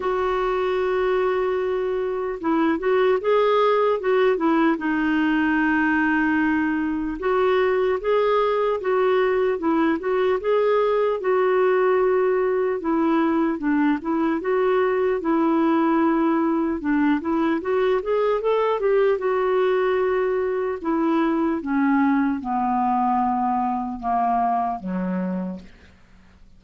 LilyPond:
\new Staff \with { instrumentName = "clarinet" } { \time 4/4 \tempo 4 = 75 fis'2. e'8 fis'8 | gis'4 fis'8 e'8 dis'2~ | dis'4 fis'4 gis'4 fis'4 | e'8 fis'8 gis'4 fis'2 |
e'4 d'8 e'8 fis'4 e'4~ | e'4 d'8 e'8 fis'8 gis'8 a'8 g'8 | fis'2 e'4 cis'4 | b2 ais4 fis4 | }